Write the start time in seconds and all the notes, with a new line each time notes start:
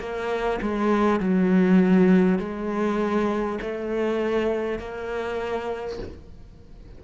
0.00 A#3
0.62 G#3
1.21 F#3
2.39 G#3
3.62 A3
4.79 A#3